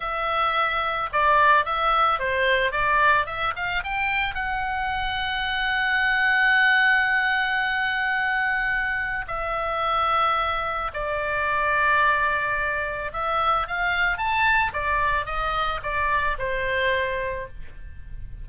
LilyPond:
\new Staff \with { instrumentName = "oboe" } { \time 4/4 \tempo 4 = 110 e''2 d''4 e''4 | c''4 d''4 e''8 f''8 g''4 | fis''1~ | fis''1~ |
fis''4 e''2. | d''1 | e''4 f''4 a''4 d''4 | dis''4 d''4 c''2 | }